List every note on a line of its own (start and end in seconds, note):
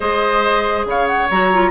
0.00 0.85 G#3
0.00 1.28 G#4
0.00 0.86 C5
0.00 0.86 D#5
0.85 1.28 C#3
0.85 1.71 C#5
0.85 1.06 F5
1.06 1.28 F#5
1.30 1.71 F#3
1.30 1.53 F#4
1.30 1.71 A#5
1.53 1.71 F4